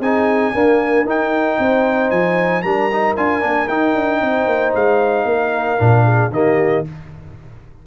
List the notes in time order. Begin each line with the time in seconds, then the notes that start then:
0.00 C4 D#4 G#4 G#5
0.54 A#3 D4 A#4
1.05 D#4 G5
1.59 C4 C5
2.11 F3 G#5
2.62 G3 D4 A#4 A#5
2.92 D#4
3.17 D4 F4 G#5
3.40 A#3 D4
3.68 D#4 G5
3.95 D4
4.21 C4 C5
4.47 A#3
4.75 G#3 F5
5.25 A#3 A#4
5.79 A#2 D4
6.05 G#4
6.30 D#3 A#3 G4 D#5